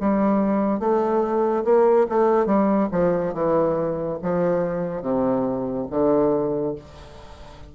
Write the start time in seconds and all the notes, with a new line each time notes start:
0.00 G3
0.79 A3
1.64 A#3
2.09 A3
2.45 G3
2.91 F3
3.33 E3
4.22 F3
5.02 C3
5.90 D3